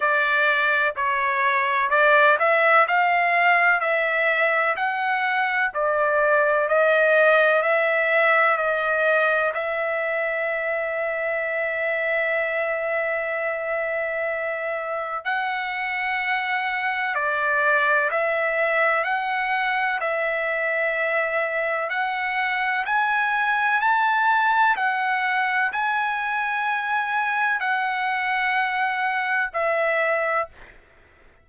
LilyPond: \new Staff \with { instrumentName = "trumpet" } { \time 4/4 \tempo 4 = 63 d''4 cis''4 d''8 e''8 f''4 | e''4 fis''4 d''4 dis''4 | e''4 dis''4 e''2~ | e''1 |
fis''2 d''4 e''4 | fis''4 e''2 fis''4 | gis''4 a''4 fis''4 gis''4~ | gis''4 fis''2 e''4 | }